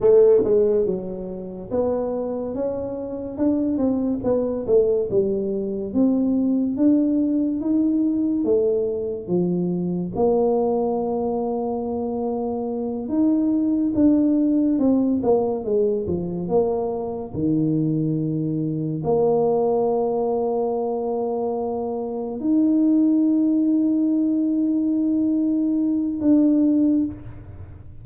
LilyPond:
\new Staff \with { instrumentName = "tuba" } { \time 4/4 \tempo 4 = 71 a8 gis8 fis4 b4 cis'4 | d'8 c'8 b8 a8 g4 c'4 | d'4 dis'4 a4 f4 | ais2.~ ais8 dis'8~ |
dis'8 d'4 c'8 ais8 gis8 f8 ais8~ | ais8 dis2 ais4.~ | ais2~ ais8 dis'4.~ | dis'2. d'4 | }